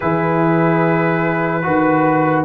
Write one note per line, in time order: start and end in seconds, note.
0.00 1.65 E3
0.00 1.62 E4
0.00 1.63 G#4
0.00 2.44 B4
1.62 2.44 D#3
1.62 2.44 F#4
1.62 2.44 B4